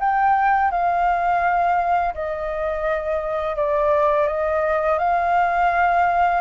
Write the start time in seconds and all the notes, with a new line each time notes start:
0.00 G5
0.71 F5
2.14 D#5
3.56 D5
4.27 D#5
4.99 F5